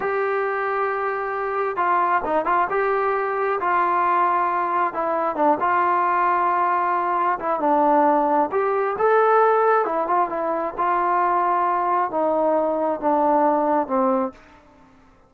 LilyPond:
\new Staff \with { instrumentName = "trombone" } { \time 4/4 \tempo 4 = 134 g'1 | f'4 dis'8 f'8 g'2 | f'2. e'4 | d'8 f'2.~ f'8~ |
f'8 e'8 d'2 g'4 | a'2 e'8 f'8 e'4 | f'2. dis'4~ | dis'4 d'2 c'4 | }